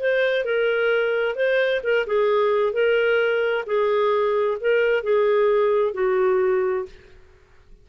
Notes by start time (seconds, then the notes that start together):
0.00 C5
0.45 A#4
1.35 C5
1.83 A#4
2.07 G#4
2.73 A#4
3.66 G#4
4.60 A#4
5.04 G#4
5.94 F#4